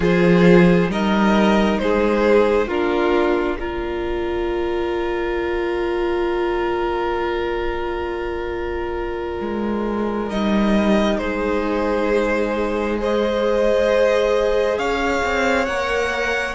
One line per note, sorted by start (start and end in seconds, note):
0.00 0.87 F3
0.00 0.90 F4
0.00 0.90 G#4
0.00 0.91 C5
0.89 1.79 G3
0.89 2.69 D#4
0.89 1.81 A#4
0.89 1.78 D#5
1.78 2.67 G#3
1.78 2.67 G#4
1.78 2.68 C5
2.67 9.38 A#3
2.67 3.58 D4
2.67 3.57 F4
2.67 3.57 A#4
3.57 10.30 F4
3.57 11.20 A#4
3.57 10.29 D5
9.40 10.30 G#3
10.29 11.19 G3
10.29 12.97 D#4
10.29 11.18 D#5
11.18 14.77 G#3
11.18 12.99 G#4
11.18 12.97 C5
12.97 15.66 G#4
12.97 14.78 C5
12.97 14.78 D#5
14.78 15.22 C#4
14.78 16.54 C#5
14.78 15.65 F5
15.23 15.67 C4
15.65 16.54 A#3
15.65 16.54 A#4
15.65 16.54 F#5